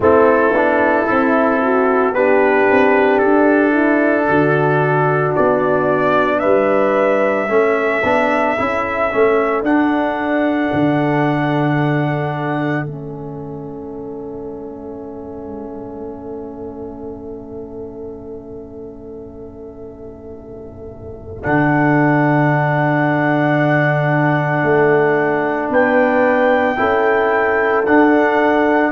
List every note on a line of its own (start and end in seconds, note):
0.00 0.51 A3
0.00 0.54 C4
0.00 1.61 E4
0.00 2.14 A4
0.51 1.04 B3
0.51 1.06 D4
1.06 2.12 C4
1.06 2.13 E4
1.62 2.15 F#4
2.12 2.66 B3
2.12 7.48 D4
2.12 3.72 G4
2.12 3.18 B4
2.70 3.22 C4
3.18 4.28 D4
3.18 5.32 A4
3.72 4.25 E4
4.28 5.35 D3
4.28 6.39 F#4
5.35 6.44 B3
5.35 6.39 D5
6.39 7.49 G3
6.39 7.46 B4
6.39 9.60 E5
7.48 8.02 A3
7.48 8.02 C#4
7.48 25.70 A4
8.03 8.56 B3
8.03 8.57 D4
8.57 9.13 C#4
8.57 9.10 E4
9.10 9.62 A3
9.10 9.64 C#4
9.62 10.69 D4
9.62 12.85 D4
9.62 12.85 F#5
10.73 12.85 D3
12.85 21.43 A3
12.85 21.42 C#4
12.85 21.42 E5
21.42 24.63 D3
21.42 26.76 D4
21.42 25.71 F#5
24.63 25.69 A3
25.69 26.76 B3
25.69 26.77 B4
25.69 27.86 G5
26.76 27.86 C#4
26.76 27.83 E4
26.76 28.91 A4
27.86 28.91 D4
27.86 28.91 F#5